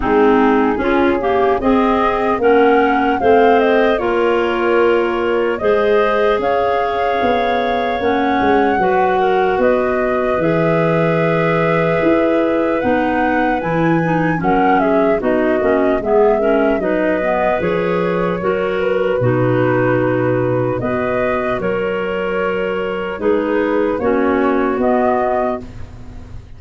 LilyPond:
<<
  \new Staff \with { instrumentName = "flute" } { \time 4/4 \tempo 4 = 75 gis'2 dis''4 fis''4 | f''8 dis''8 cis''2 dis''4 | f''2 fis''2 | dis''4 e''2. |
fis''4 gis''4 fis''8 e''8 dis''4 | e''4 dis''4 cis''4. b'8~ | b'2 dis''4 cis''4~ | cis''4 b'4 cis''4 dis''4 | }
  \new Staff \with { instrumentName = "clarinet" } { \time 4/4 dis'4 f'8 g'8 gis'4 ais'4 | c''4 ais'2 c''4 | cis''2. b'8 ais'8 | b'1~ |
b'2 ais'8 gis'8 fis'4 | gis'8 ais'8 b'2 ais'4 | fis'2 b'4 ais'4~ | ais'4 gis'4 fis'2 | }
  \new Staff \with { instrumentName = "clarinet" } { \time 4/4 c'4 cis'8 ais8 c'4 cis'4 | c'4 f'2 gis'4~ | gis'2 cis'4 fis'4~ | fis'4 gis'2. |
dis'4 e'8 dis'8 cis'4 dis'8 cis'8 | b8 cis'8 dis'8 b8 gis'4 fis'4 | dis'2 fis'2~ | fis'4 dis'4 cis'4 b4 | }
  \new Staff \with { instrumentName = "tuba" } { \time 4/4 gis4 cis'4 c'4 ais4 | a4 ais2 gis4 | cis'4 b4 ais8 gis8 fis4 | b4 e2 e'4 |
b4 e4 fis4 b8 ais8 | gis4 fis4 f4 fis4 | b,2 b4 fis4~ | fis4 gis4 ais4 b4 | }
>>